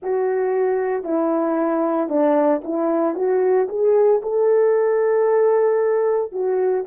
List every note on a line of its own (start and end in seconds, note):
0.02 1.04 F#4
1.04 2.08 E4
2.08 2.61 D4
2.64 3.15 E4
3.15 3.67 F#4
3.68 4.21 G#4
4.22 6.32 A4
6.32 6.84 F#4